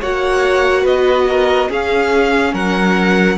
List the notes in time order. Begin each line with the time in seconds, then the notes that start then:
0.00 A#3 F#4 C#5 F#5
0.82 B3 B4 D#5
1.29 A#4
1.69 C#4 G#4 F5
2.53 F#3 A#4 F#5